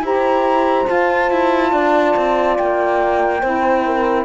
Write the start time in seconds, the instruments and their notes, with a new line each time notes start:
0.00 cello E4, saxophone G4, horn C5, flute A#5
0.85 saxophone F4, cello F4, flute A5
1.31 cello E4
1.71 cello D4, horn D5
2.16 cello C4
2.57 cello A#3, flute G5
3.40 cello C4, saxophone E4, horn C5
3.86 horn A#4